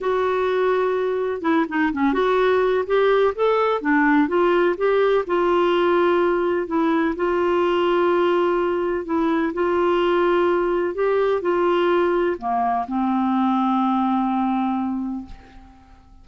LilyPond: \new Staff \with { instrumentName = "clarinet" } { \time 4/4 \tempo 4 = 126 fis'2. e'8 dis'8 | cis'8 fis'4. g'4 a'4 | d'4 f'4 g'4 f'4~ | f'2 e'4 f'4~ |
f'2. e'4 | f'2. g'4 | f'2 ais4 c'4~ | c'1 | }